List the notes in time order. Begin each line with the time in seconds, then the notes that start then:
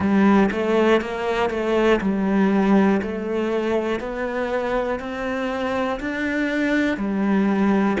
0.00 G3
0.51 A3
1.01 A#3
1.50 A3
2.00 G3
3.01 A3
4.00 B3
4.99 C4
6.00 D4
6.97 G3